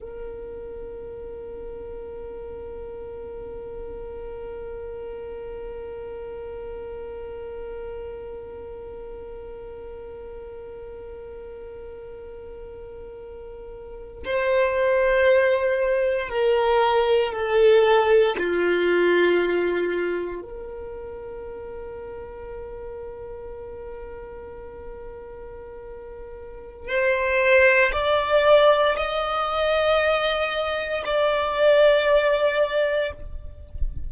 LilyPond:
\new Staff \with { instrumentName = "violin" } { \time 4/4 \tempo 4 = 58 ais'1~ | ais'1~ | ais'1~ | ais'4.~ ais'16 c''2 ais'16~ |
ais'8. a'4 f'2 ais'16~ | ais'1~ | ais'2 c''4 d''4 | dis''2 d''2 | }